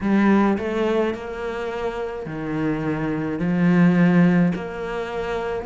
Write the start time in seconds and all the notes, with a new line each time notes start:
0.01 G3
0.58 A3
1.14 A#3
2.26 D#3
3.39 F3
4.55 A#3